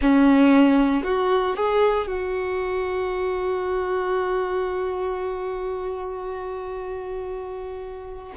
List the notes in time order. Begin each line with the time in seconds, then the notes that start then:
0.01 C#4
1.03 F#4
1.56 G#4
2.07 F#4